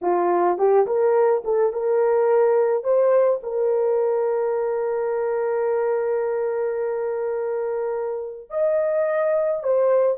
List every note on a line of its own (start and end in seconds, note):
0.01 0.57 F4
0.57 0.86 G4
0.86 1.43 A#4
1.44 1.72 A4
1.73 2.83 A#4
2.83 3.40 C5
3.42 8.50 A#4
8.50 9.63 D#5
9.63 10.18 C5